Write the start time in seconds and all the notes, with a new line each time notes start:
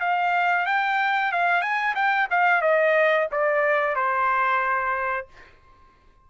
0.00 F5
0.66 G5
1.32 F5
1.62 G#5
1.95 G5
2.30 F5
2.62 D#5
3.32 D5
3.96 C5